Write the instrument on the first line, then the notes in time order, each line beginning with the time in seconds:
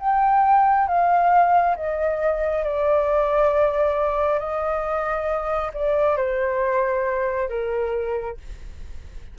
flute
0.00 G5
0.88 F5
1.76 D#5
2.64 D5
4.39 D#5
5.74 D5
6.17 C5
7.49 A#4